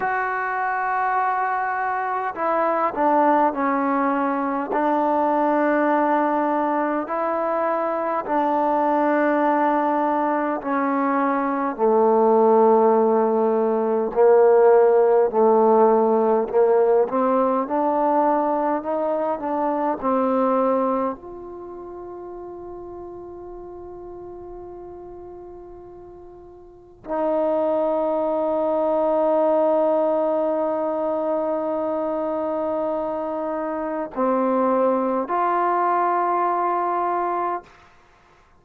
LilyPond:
\new Staff \with { instrumentName = "trombone" } { \time 4/4 \tempo 4 = 51 fis'2 e'8 d'8 cis'4 | d'2 e'4 d'4~ | d'4 cis'4 a2 | ais4 a4 ais8 c'8 d'4 |
dis'8 d'8 c'4 f'2~ | f'2. dis'4~ | dis'1~ | dis'4 c'4 f'2 | }